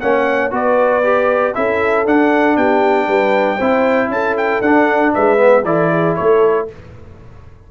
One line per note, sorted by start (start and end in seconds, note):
0.00 0.51 A#3
0.00 0.51 C#4
0.00 0.52 C#5
0.00 0.51 F#5
0.51 1.54 B3
0.51 1.02 F#4
0.51 1.55 B4
0.51 1.54 D5
1.03 1.54 G4
1.54 2.06 C#4
1.54 2.05 E4
1.54 2.57 A4
1.54 2.05 E5
2.05 3.59 D4
2.05 2.57 D4
2.05 2.57 F#5
2.57 3.08 B3
2.57 3.06 G4
2.57 4.11 G5
3.06 3.59 G3
3.06 3.56 B4
3.56 4.08 C4
3.56 4.63 E4
3.56 4.08 C5
4.08 4.60 C#4
4.08 5.14 A4
4.08 4.37 A5
4.37 4.62 G5
4.61 5.12 D4
4.61 5.37 D4
4.61 5.13 F#5
5.14 5.64 G#3
5.14 5.65 B4
5.14 5.65 E5
5.37 5.63 B3
5.64 6.15 E3
5.64 6.68 E4
5.64 5.91 A4
5.64 6.15 D5
5.91 6.17 G#4
6.15 6.71 A3
6.15 6.68 A4
6.15 6.67 C#5